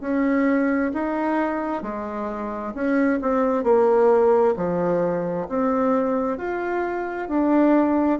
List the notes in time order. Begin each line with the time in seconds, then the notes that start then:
0.00 C#4
0.93 D#4
1.82 G#3
2.74 C#4
3.21 C4
3.63 A#3
4.56 F3
5.48 C4
6.37 F4
7.28 D4